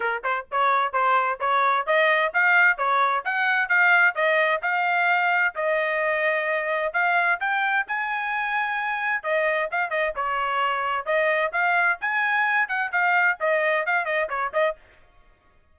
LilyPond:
\new Staff \with { instrumentName = "trumpet" } { \time 4/4 \tempo 4 = 130 ais'8 c''8 cis''4 c''4 cis''4 | dis''4 f''4 cis''4 fis''4 | f''4 dis''4 f''2 | dis''2. f''4 |
g''4 gis''2. | dis''4 f''8 dis''8 cis''2 | dis''4 f''4 gis''4. fis''8 | f''4 dis''4 f''8 dis''8 cis''8 dis''8 | }